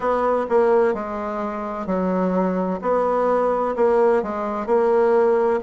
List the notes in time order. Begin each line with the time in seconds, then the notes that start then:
0.00 B3
0.49 A#3
0.94 G#3
1.86 F#3
2.81 B3
3.76 A#3
4.22 G#3
4.66 A#3